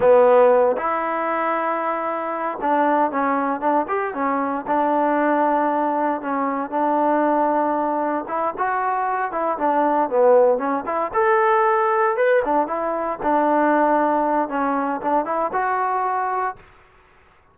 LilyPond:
\new Staff \with { instrumentName = "trombone" } { \time 4/4 \tempo 4 = 116 b4. e'2~ e'8~ | e'4 d'4 cis'4 d'8 g'8 | cis'4 d'2. | cis'4 d'2. |
e'8 fis'4. e'8 d'4 b8~ | b8 cis'8 e'8 a'2 b'8 | d'8 e'4 d'2~ d'8 | cis'4 d'8 e'8 fis'2 | }